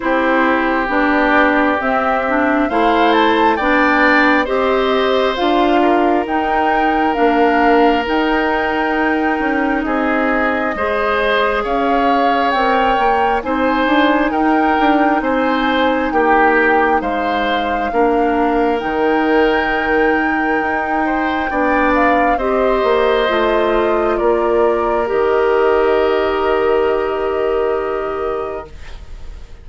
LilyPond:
<<
  \new Staff \with { instrumentName = "flute" } { \time 4/4 \tempo 4 = 67 c''4 d''4 e''4 f''8 a''8 | g''4 dis''4 f''4 g''4 | f''4 g''2 dis''4~ | dis''4 f''4 g''4 gis''4 |
g''4 gis''4 g''4 f''4~ | f''4 g''2.~ | g''8 f''8 dis''2 d''4 | dis''1 | }
  \new Staff \with { instrumentName = "oboe" } { \time 4/4 g'2. c''4 | d''4 c''4. ais'4.~ | ais'2. gis'4 | c''4 cis''2 c''4 |
ais'4 c''4 g'4 c''4 | ais'2.~ ais'8 c''8 | d''4 c''2 ais'4~ | ais'1 | }
  \new Staff \with { instrumentName = "clarinet" } { \time 4/4 e'4 d'4 c'8 d'8 e'4 | d'4 g'4 f'4 dis'4 | d'4 dis'2. | gis'2 ais'4 dis'4~ |
dis'1 | d'4 dis'2. | d'4 g'4 f'2 | g'1 | }
  \new Staff \with { instrumentName = "bassoon" } { \time 4/4 c'4 b4 c'4 a4 | b4 c'4 d'4 dis'4 | ais4 dis'4. cis'8 c'4 | gis4 cis'4 c'8 ais8 c'8 d'8 |
dis'8 d'8 c'4 ais4 gis4 | ais4 dis2 dis'4 | b4 c'8 ais8 a4 ais4 | dis1 | }
>>